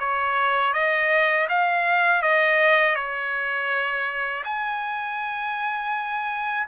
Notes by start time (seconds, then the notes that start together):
0.00 C#5
0.74 D#5
1.49 F5
2.23 D#5
2.96 C#5
4.45 G#5